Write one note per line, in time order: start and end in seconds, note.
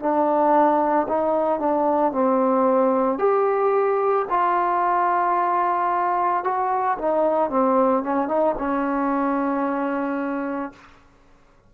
0.00 1.07 D4
1.09 1.60 D#4
1.60 2.12 D4
2.12 3.19 C4
3.19 4.26 G4
4.30 6.44 F4
6.44 6.98 F#4
6.99 7.50 D#4
7.50 8.04 C4
8.04 8.28 C#4
8.28 8.55 D#4
8.59 10.73 C#4